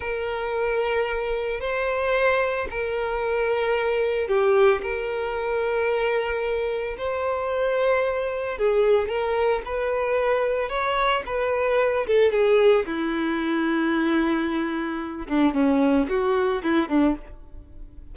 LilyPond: \new Staff \with { instrumentName = "violin" } { \time 4/4 \tempo 4 = 112 ais'2. c''4~ | c''4 ais'2. | g'4 ais'2.~ | ais'4 c''2. |
gis'4 ais'4 b'2 | cis''4 b'4. a'8 gis'4 | e'1~ | e'8 d'8 cis'4 fis'4 e'8 d'8 | }